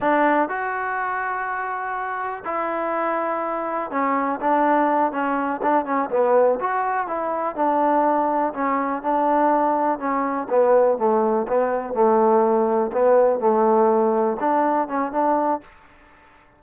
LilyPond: \new Staff \with { instrumentName = "trombone" } { \time 4/4 \tempo 4 = 123 d'4 fis'2.~ | fis'4 e'2. | cis'4 d'4. cis'4 d'8 | cis'8 b4 fis'4 e'4 d'8~ |
d'4. cis'4 d'4.~ | d'8 cis'4 b4 a4 b8~ | b8 a2 b4 a8~ | a4. d'4 cis'8 d'4 | }